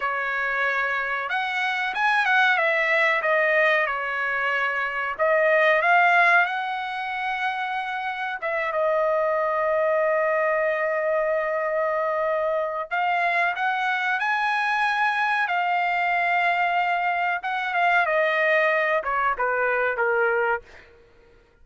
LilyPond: \new Staff \with { instrumentName = "trumpet" } { \time 4/4 \tempo 4 = 93 cis''2 fis''4 gis''8 fis''8 | e''4 dis''4 cis''2 | dis''4 f''4 fis''2~ | fis''4 e''8 dis''2~ dis''8~ |
dis''1 | f''4 fis''4 gis''2 | f''2. fis''8 f''8 | dis''4. cis''8 b'4 ais'4 | }